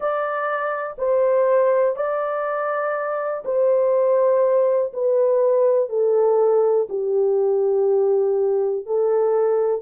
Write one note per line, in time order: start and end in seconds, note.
0.00 0.96 D5
0.98 1.95 C5
1.95 3.43 D5
3.44 4.92 C5
4.93 5.89 B4
5.89 6.87 A4
6.89 8.86 G4
8.86 9.81 A4